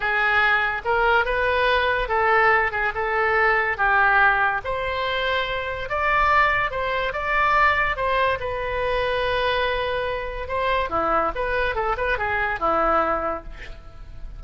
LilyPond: \new Staff \with { instrumentName = "oboe" } { \time 4/4 \tempo 4 = 143 gis'2 ais'4 b'4~ | b'4 a'4. gis'8 a'4~ | a'4 g'2 c''4~ | c''2 d''2 |
c''4 d''2 c''4 | b'1~ | b'4 c''4 e'4 b'4 | a'8 b'8 gis'4 e'2 | }